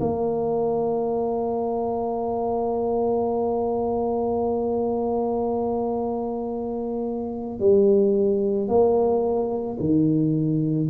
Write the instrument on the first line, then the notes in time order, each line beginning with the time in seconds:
tuba
0.00 A#3
7.59 G3
8.68 A#3
9.80 D#3